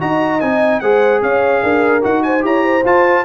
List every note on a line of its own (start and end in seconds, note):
0.00 0.42 D#4
0.00 0.41 F#4
0.00 0.82 D#5
0.00 0.41 A#5
0.41 0.82 C4
0.41 0.83 D#4
0.41 0.80 G#5
0.80 1.22 G#3
0.80 2.02 G#4
0.80 1.23 C5
0.80 1.21 F#5
1.22 1.63 C#4
1.22 1.63 C#5
1.22 2.04 F5
1.63 2.03 D4
1.63 2.24 A#4
2.02 2.44 D#4
2.02 2.41 F#4
2.02 2.23 F#5
2.23 2.46 C5
2.23 2.43 G#5
2.41 2.84 E4
2.41 2.81 G4
2.41 2.64 C#5
2.41 2.86 A#5
2.64 3.25 C5
2.85 3.25 F4
2.85 3.26 F4
2.85 3.26 A5